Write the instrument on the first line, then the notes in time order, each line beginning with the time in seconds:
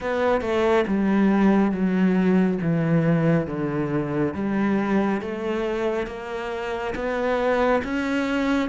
cello
0.00 B3
0.41 A3
0.87 G3
1.71 F#3
2.61 E3
3.47 D3
4.34 G3
5.21 A3
6.07 A#3
6.95 B3
7.84 C#4